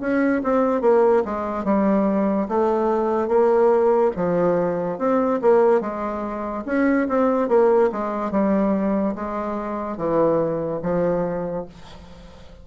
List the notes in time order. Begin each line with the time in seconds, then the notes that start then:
0.00 C#4
0.43 C4
0.81 A#3
1.24 G#3
1.64 G3
2.48 A3
3.28 A#3
4.16 F3
4.98 C4
5.41 A#3
5.80 G#3
6.66 C#4
7.08 C4
7.48 A#3
7.92 G#3
8.31 G3
9.15 G#3
9.97 E3
10.82 F3